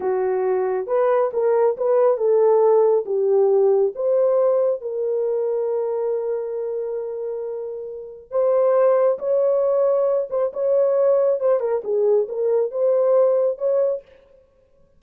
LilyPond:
\new Staff \with { instrumentName = "horn" } { \time 4/4 \tempo 4 = 137 fis'2 b'4 ais'4 | b'4 a'2 g'4~ | g'4 c''2 ais'4~ | ais'1~ |
ais'2. c''4~ | c''4 cis''2~ cis''8 c''8 | cis''2 c''8 ais'8 gis'4 | ais'4 c''2 cis''4 | }